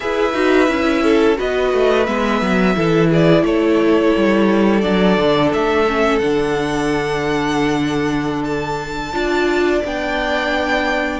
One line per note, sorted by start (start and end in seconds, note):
0.00 0.34 E4
0.00 0.32 G#4
0.00 1.03 B4
0.00 1.37 E5
0.33 0.68 D#4
0.33 0.67 F#4
0.67 1.36 C#4
0.67 1.36 E4
1.03 1.37 A4
1.36 1.73 B3
1.36 2.05 F#4
1.36 2.75 B4
1.36 2.05 D#5
1.73 2.07 A3
2.05 2.41 G#3
2.05 2.75 B3
2.05 3.09 E5
2.41 2.76 F#3
2.75 3.43 E3
2.75 4.82 E4
2.75 3.09 A4
3.09 3.44 G#4
3.09 3.44 D5
3.43 4.12 A3
3.43 9.15 A4
3.43 4.80 C#5
4.16 4.83 G3
4.80 5.17 F#3
4.80 5.85 D4
4.80 5.49 D5
5.17 5.52 D3
5.53 6.20 A3
5.53 6.19 E5
5.87 6.21 C#4
6.19 9.12 D3
6.19 9.13 D4
6.19 8.43 F#5
8.44 9.82 A5
9.12 9.81 D4
9.12 9.82 F4
9.12 11.20 D5
9.84 11.20 B3
9.84 11.20 D4
9.84 11.20 G5